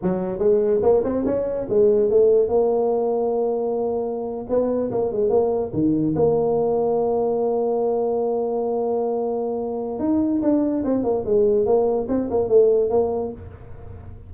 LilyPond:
\new Staff \with { instrumentName = "tuba" } { \time 4/4 \tempo 4 = 144 fis4 gis4 ais8 c'8 cis'4 | gis4 a4 ais2~ | ais2~ ais8. b4 ais16~ | ais16 gis8 ais4 dis4 ais4~ ais16~ |
ais1~ | ais1 | dis'4 d'4 c'8 ais8 gis4 | ais4 c'8 ais8 a4 ais4 | }